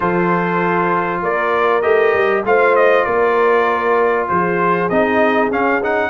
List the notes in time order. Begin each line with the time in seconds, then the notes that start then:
0.00 F3 F4 A4 C5
1.22 A#3 A#4 D5
1.81 A3 G4 D#5
2.14 G3
2.44 A3 F4 C5 F5
2.75 D#5
3.04 A#3 A#4 D5
4.28 F3 G#4 C5
4.89 C4 D#4 D#5
5.50 C#4 F5
5.82 D#4 F#5